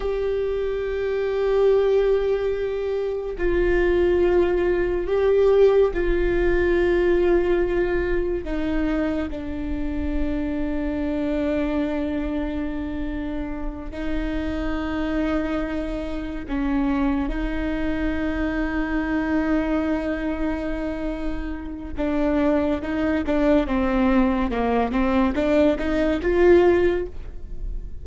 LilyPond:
\new Staff \with { instrumentName = "viola" } { \time 4/4 \tempo 4 = 71 g'1 | f'2 g'4 f'4~ | f'2 dis'4 d'4~ | d'1~ |
d'8 dis'2. cis'8~ | cis'8 dis'2.~ dis'8~ | dis'2 d'4 dis'8 d'8 | c'4 ais8 c'8 d'8 dis'8 f'4 | }